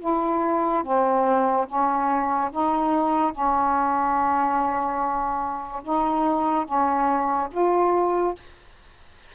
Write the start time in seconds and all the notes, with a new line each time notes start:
0.00 E4
0.83 C4
1.67 C#4
2.52 D#4
3.32 C#4
5.84 D#4
6.66 C#4
7.52 F4